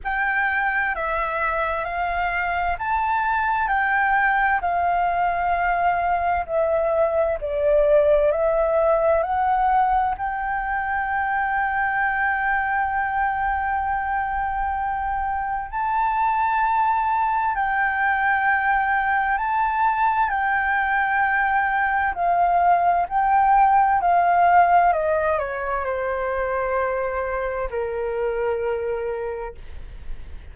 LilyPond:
\new Staff \with { instrumentName = "flute" } { \time 4/4 \tempo 4 = 65 g''4 e''4 f''4 a''4 | g''4 f''2 e''4 | d''4 e''4 fis''4 g''4~ | g''1~ |
g''4 a''2 g''4~ | g''4 a''4 g''2 | f''4 g''4 f''4 dis''8 cis''8 | c''2 ais'2 | }